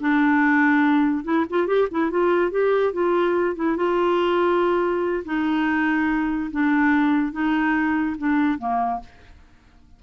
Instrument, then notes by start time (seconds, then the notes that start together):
clarinet
0.00 D4
1.24 E4
1.50 F4
1.67 G4
1.91 E4
2.11 F4
2.51 G4
2.93 F4
3.56 E4
3.77 F4
5.25 D#4
6.51 D4
7.32 D#4
8.18 D4
8.58 A#3